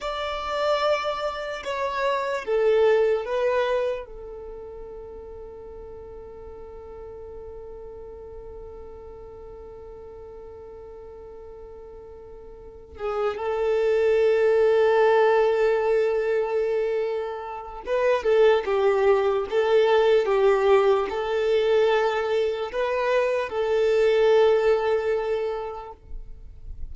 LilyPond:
\new Staff \with { instrumentName = "violin" } { \time 4/4 \tempo 4 = 74 d''2 cis''4 a'4 | b'4 a'2.~ | a'1~ | a'1 |
gis'8 a'2.~ a'8~ | a'2 b'8 a'8 g'4 | a'4 g'4 a'2 | b'4 a'2. | }